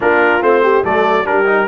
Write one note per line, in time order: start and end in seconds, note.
0.00 0.42 A#3
0.00 0.41 D4
0.00 0.63 F4
0.00 0.42 A#4
0.41 0.84 A3
0.41 0.83 C4
0.41 0.84 C5
0.63 0.83 G4
0.83 1.25 F#3
0.83 1.24 A3
0.83 1.25 A4
0.83 1.26 D5
1.24 1.67 G3
1.24 1.45 D4
1.24 1.67 G4
1.24 1.67 A#4
1.45 1.66 D#4